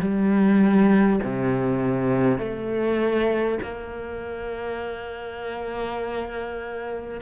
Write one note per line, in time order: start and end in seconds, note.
0.00 1.20 G3
1.24 2.38 C3
2.38 3.58 A3
3.62 7.22 A#3